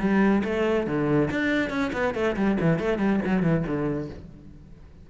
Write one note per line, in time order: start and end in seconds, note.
0.00 0.43 G3
0.44 0.87 A3
0.87 1.30 D3
1.31 1.70 D4
1.70 1.92 C#4
1.93 2.14 B3
2.15 2.36 A3
2.36 2.58 G3
2.61 2.79 E3
2.79 2.99 A3
2.99 3.20 G3
3.26 3.43 F#3
3.43 3.64 E3
3.67 4.10 D3